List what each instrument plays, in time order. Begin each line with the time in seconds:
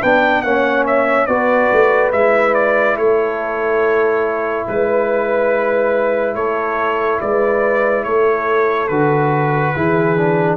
0.00 tuba B3, trombone D4, horn B4, trumpet G5
0.41 tuba A#3, trombone C#4, horn C#5, trumpet F#5
0.86 trumpet E5
1.26 tuba B3, trombone F#4, horn B4, trumpet D5
1.72 tuba A3
2.12 tuba G#3, trombone E4, trumpet E5
2.54 trumpet D5
2.96 tuba A3, horn A4, trumpet C#5
4.68 tuba G#3, trumpet B4, horn B4
6.35 tuba A3, horn A4, trumpet C#5
7.20 tuba G#3, horn B4, trumpet D5
8.03 tuba A3, horn A4, trumpet C#5
8.88 tuba D3, trombone F#4, trumpet B4
9.74 tuba E3, trombone E4, horn G#4
10.17 trombone D4